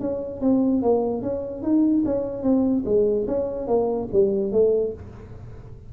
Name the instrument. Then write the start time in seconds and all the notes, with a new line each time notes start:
tuba
0.00 C#4
0.41 C4
0.82 A#3
1.22 C#4
1.62 D#4
2.05 C#4
2.42 C4
2.85 G#3
3.27 C#4
3.67 A#3
4.12 G3
4.52 A3